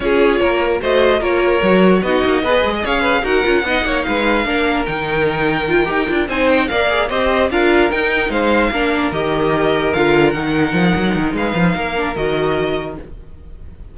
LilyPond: <<
  \new Staff \with { instrumentName = "violin" } { \time 4/4 \tempo 4 = 148 cis''2 dis''4 cis''4~ | cis''4 dis''2 f''4 | fis''2 f''2 | g''2.~ g''8 gis''8 |
g''8 f''4 dis''4 f''4 g''8~ | g''8 f''2 dis''4.~ | dis''8 f''4 fis''2~ fis''8 | f''2 dis''2 | }
  \new Staff \with { instrumentName = "violin" } { \time 4/4 gis'4 ais'4 c''4 ais'4~ | ais'4 fis'4 b'8. dis''16 cis''8 b'8 | ais'4 dis''8 cis''8 b'4 ais'4~ | ais'2.~ ais'8 c''8~ |
c''8 d''4 c''4 ais'4.~ | ais'8 c''4 ais'2~ ais'8~ | ais'1 | b'4 ais'2. | }
  \new Staff \with { instrumentName = "viola" } { \time 4/4 f'2 fis'4 f'4 | fis'4 dis'4 gis'2 | fis'8 f'8 dis'2 d'4 | dis'2 f'8 g'8 f'8 dis'8~ |
dis'8 ais'8 gis'8 g'4 f'4 dis'8~ | dis'4. d'4 g'4.~ | g'8 f'4 dis'2~ dis'8~ | dis'4. d'8 fis'2 | }
  \new Staff \with { instrumentName = "cello" } { \time 4/4 cis'4 ais4 a4 ais4 | fis4 b8 ais8 b8 gis8 cis'4 | dis'8 cis'8 b8 ais8 gis4 ais4 | dis2~ dis8 dis'8 d'8 c'8~ |
c'8 ais4 c'4 d'4 dis'8~ | dis'8 gis4 ais4 dis4.~ | dis8 d4 dis4 f8 fis8 dis8 | gis8 f8 ais4 dis2 | }
>>